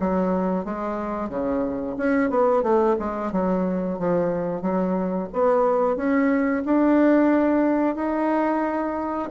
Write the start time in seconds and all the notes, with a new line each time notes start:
0.00 F#3
0.65 G#3
1.29 C#3
1.97 C#4
2.30 B3
2.63 A3
2.99 G#3
3.32 F#3
3.99 F3
4.62 F#3
5.33 B3
5.96 C#4
6.65 D4
7.96 D#4